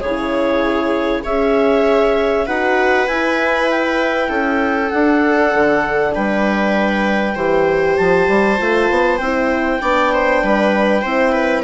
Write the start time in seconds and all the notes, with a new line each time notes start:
0.00 C#3 G#4 C#5
0.06 E4
1.23 C#4 G#4 C#5 E5
2.46 D#4 F#4 B4 F#5
3.07 E4 G#5
3.70 G5
4.29 C#4 A4
4.90 D4 F#5
5.54 D3
6.14 G3 B4 G5
7.35 E3 G4 C5
7.97 F3 A5
8.28 G3
8.58 A3 F4
8.90 B3
9.17 C4 E4 G5
9.81 B3 D4 D5
10.14 C5
10.43 G3 B4
11.02 C4 E4 C5
11.32 B4